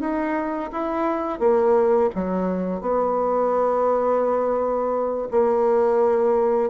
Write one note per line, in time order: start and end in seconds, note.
0.00 0.71 D#4
0.73 1.40 E4
1.40 2.10 A#3
2.15 2.81 F#3
2.81 5.28 B3
5.31 6.70 A#3